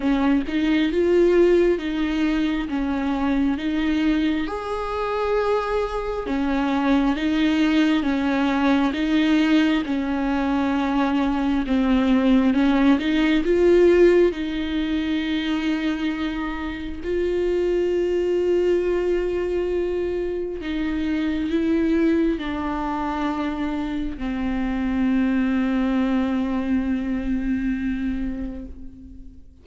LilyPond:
\new Staff \with { instrumentName = "viola" } { \time 4/4 \tempo 4 = 67 cis'8 dis'8 f'4 dis'4 cis'4 | dis'4 gis'2 cis'4 | dis'4 cis'4 dis'4 cis'4~ | cis'4 c'4 cis'8 dis'8 f'4 |
dis'2. f'4~ | f'2. dis'4 | e'4 d'2 c'4~ | c'1 | }